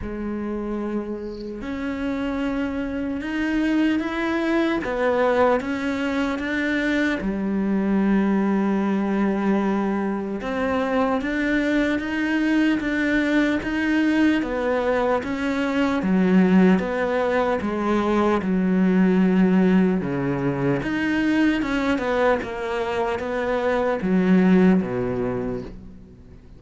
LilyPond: \new Staff \with { instrumentName = "cello" } { \time 4/4 \tempo 4 = 75 gis2 cis'2 | dis'4 e'4 b4 cis'4 | d'4 g2.~ | g4 c'4 d'4 dis'4 |
d'4 dis'4 b4 cis'4 | fis4 b4 gis4 fis4~ | fis4 cis4 dis'4 cis'8 b8 | ais4 b4 fis4 b,4 | }